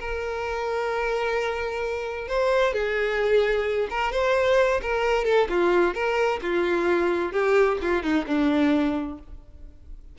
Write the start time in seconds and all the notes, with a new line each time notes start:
0.00 A#4
2.28 C5
2.74 G#4
3.91 A#4
4.13 C5
4.82 A#4
5.25 A4
5.50 F4
5.95 A#4
6.43 F4
7.33 G4
7.82 F4
8.03 D#4
8.27 D4